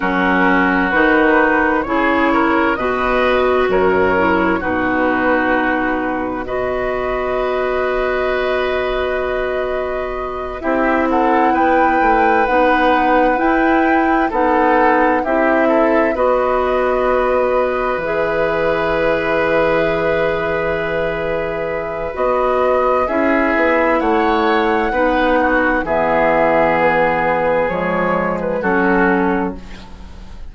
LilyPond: <<
  \new Staff \with { instrumentName = "flute" } { \time 4/4 \tempo 4 = 65 ais'4 b'4 cis''4 dis''4 | cis''4 b'2 dis''4~ | dis''2.~ dis''8 e''8 | fis''8 g''4 fis''4 g''4 fis''8~ |
fis''8 e''4 dis''2 e''8~ | e''1 | dis''4 e''4 fis''2 | e''4 b'4 cis''8. b'16 a'4 | }
  \new Staff \with { instrumentName = "oboe" } { \time 4/4 fis'2 gis'8 ais'8 b'4 | ais'4 fis'2 b'4~ | b'2.~ b'8 g'8 | a'8 b'2. a'8~ |
a'8 g'8 a'8 b'2~ b'8~ | b'1~ | b'4 gis'4 cis''4 b'8 fis'8 | gis'2. fis'4 | }
  \new Staff \with { instrumentName = "clarinet" } { \time 4/4 cis'4 dis'4 e'4 fis'4~ | fis'8 e'8 dis'2 fis'4~ | fis'2.~ fis'8 e'8~ | e'4. dis'4 e'4 dis'8~ |
dis'8 e'4 fis'2 gis'8~ | gis'1 | fis'4 e'2 dis'4 | b2 gis4 cis'4 | }
  \new Staff \with { instrumentName = "bassoon" } { \time 4/4 fis4 dis4 cis4 b,4 | fis,4 b,2 b4~ | b2.~ b8 c'8~ | c'8 b8 a8 b4 e'4 b8~ |
b8 c'4 b2 e8~ | e1 | b4 cis'8 b8 a4 b4 | e2 f4 fis4 | }
>>